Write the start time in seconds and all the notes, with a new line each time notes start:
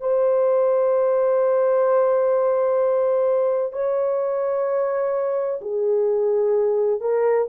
0.00 C5
3.73 C#5
5.62 G#4
7.01 A#4